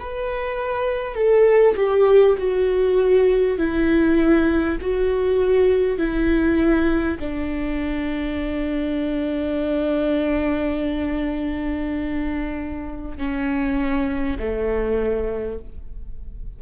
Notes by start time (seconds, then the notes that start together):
0.00 B4
1.15 A4
1.77 G4
2.39 F#4
3.59 E4
4.82 F#4
5.98 E4
7.20 D4
13.18 C#4
14.39 A3